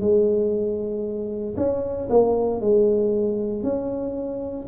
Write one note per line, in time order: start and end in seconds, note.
0.00 1.55 G#3
1.56 2.08 C#4
2.09 2.60 A#3
2.60 3.63 G#3
3.63 4.66 C#4